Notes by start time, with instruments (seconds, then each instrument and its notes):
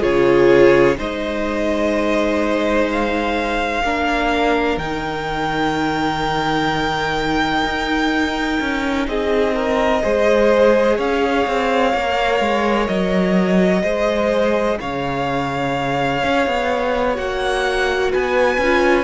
0.00 cello C#3, viola F4, violin G#4 C#5
0.96 cello G#3, viola D#4, violin C5 D#5
2.91 violin F5
3.82 cello A#3, viola D4, violin A#4
4.77 cello D#3, viola D#4, violin G5
7.63 cello D#4
8.60 cello C#4
9.08 cello C4, violin G#4 D#5
9.55 violin A#4
10.02 cello G#3, viola G#4, violin C5
10.96 cello C#4, violin C#5 F5
11.47 cello C4
11.94 cello A#3, viola A#4
12.40 cello G#3
12.87 cello F#3, violin D#5
13.83 cello G#3, viola G#4, violin C5
14.80 cello C#3, violin C#5 F5
16.23 cello C#4
16.47 cello B3
17.15 cello A#3, viola F#4, violin F#5
18.11 cello B3, violin B4 G#5
18.58 cello C#4, viola F4